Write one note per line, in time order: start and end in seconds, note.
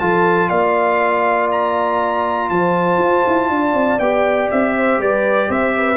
0.00 0.51 F3
0.00 4.01 F4
0.00 0.49 A4
0.00 0.49 A5
0.49 2.51 A#3
0.49 2.49 D5
0.49 1.49 F5
1.52 2.50 A#5
2.50 2.99 F3
2.50 3.51 C5
2.50 4.00 A5
2.99 3.24 F4
3.28 3.50 E4
3.50 3.74 D4
3.50 4.77 D5
3.74 3.99 C4
4.00 4.50 B3
4.00 5.97 G4
4.00 4.50 G5
4.51 4.99 C4
4.51 5.01 E5
4.77 5.00 C5
4.99 5.49 G3
4.99 5.49 B4
4.99 5.52 D5
5.49 5.97 C4
5.49 5.74 C5
5.49 5.97 E5
5.77 5.97 B4